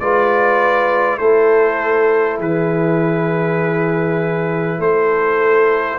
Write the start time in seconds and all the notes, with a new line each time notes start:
0.00 G#3 F4 B4 D5
1.18 A3 E4 A4 C5
2.39 E3 G#4 B4
4.79 A3 A4 C5